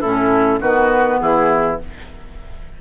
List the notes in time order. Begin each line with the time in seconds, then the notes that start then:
0.00 A2 C#4 E4 A4
0.60 D#3 B3 F#4 B4
1.20 E3 E4 G#4